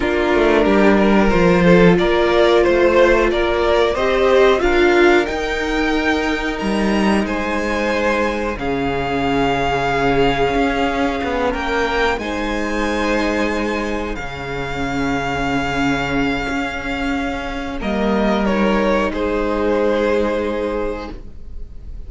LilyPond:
<<
  \new Staff \with { instrumentName = "violin" } { \time 4/4 \tempo 4 = 91 ais'2 c''4 d''4 | c''4 d''4 dis''4 f''4 | g''2 ais''4 gis''4~ | gis''4 f''2.~ |
f''4. g''4 gis''4.~ | gis''4. f''2~ f''8~ | f''2. dis''4 | cis''4 c''2. | }
  \new Staff \with { instrumentName = "violin" } { \time 4/4 f'4 g'8 ais'4 a'8 ais'4 | c''4 ais'4 c''4 ais'4~ | ais'2. c''4~ | c''4 gis'2.~ |
gis'4. ais'4 c''4.~ | c''4. gis'2~ gis'8~ | gis'2. ais'4~ | ais'4 gis'2. | }
  \new Staff \with { instrumentName = "viola" } { \time 4/4 d'2 f'2~ | f'2 g'4 f'4 | dis'1~ | dis'4 cis'2.~ |
cis'2~ cis'8 dis'4.~ | dis'4. cis'2~ cis'8~ | cis'2. ais4 | dis'1 | }
  \new Staff \with { instrumentName = "cello" } { \time 4/4 ais8 a8 g4 f4 ais4 | a4 ais4 c'4 d'4 | dis'2 g4 gis4~ | gis4 cis2. |
cis'4 b8 ais4 gis4.~ | gis4. cis2~ cis8~ | cis4 cis'2 g4~ | g4 gis2. | }
>>